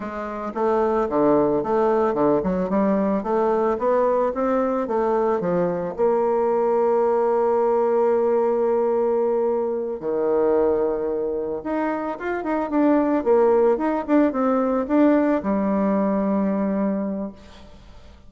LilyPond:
\new Staff \with { instrumentName = "bassoon" } { \time 4/4 \tempo 4 = 111 gis4 a4 d4 a4 | d8 fis8 g4 a4 b4 | c'4 a4 f4 ais4~ | ais1~ |
ais2~ ais8 dis4.~ | dis4. dis'4 f'8 dis'8 d'8~ | d'8 ais4 dis'8 d'8 c'4 d'8~ | d'8 g2.~ g8 | }